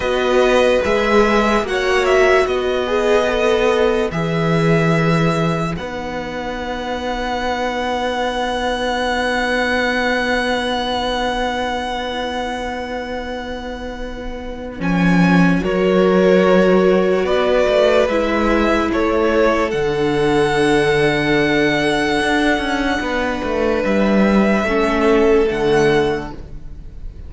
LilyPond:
<<
  \new Staff \with { instrumentName = "violin" } { \time 4/4 \tempo 4 = 73 dis''4 e''4 fis''8 e''8 dis''4~ | dis''4 e''2 fis''4~ | fis''1~ | fis''1~ |
fis''2 gis''4 cis''4~ | cis''4 d''4 e''4 cis''4 | fis''1~ | fis''4 e''2 fis''4 | }
  \new Staff \with { instrumentName = "violin" } { \time 4/4 b'2 cis''4 b'4~ | b'1~ | b'1~ | b'1~ |
b'2. ais'4~ | ais'4 b'2 a'4~ | a'1 | b'2 a'2 | }
  \new Staff \with { instrumentName = "viola" } { \time 4/4 fis'4 gis'4 fis'4. gis'8 | a'4 gis'2 dis'4~ | dis'1~ | dis'1~ |
dis'2 cis'4 fis'4~ | fis'2 e'2 | d'1~ | d'2 cis'4 a4 | }
  \new Staff \with { instrumentName = "cello" } { \time 4/4 b4 gis4 ais4 b4~ | b4 e2 b4~ | b1~ | b1~ |
b2 f4 fis4~ | fis4 b8 a8 gis4 a4 | d2. d'8 cis'8 | b8 a8 g4 a4 d4 | }
>>